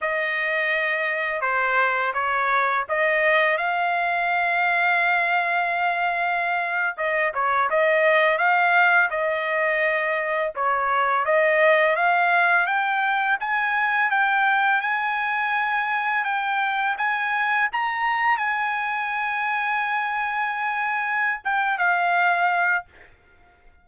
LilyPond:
\new Staff \with { instrumentName = "trumpet" } { \time 4/4 \tempo 4 = 84 dis''2 c''4 cis''4 | dis''4 f''2.~ | f''4.~ f''16 dis''8 cis''8 dis''4 f''16~ | f''8. dis''2 cis''4 dis''16~ |
dis''8. f''4 g''4 gis''4 g''16~ | g''8. gis''2 g''4 gis''16~ | gis''8. ais''4 gis''2~ gis''16~ | gis''2 g''8 f''4. | }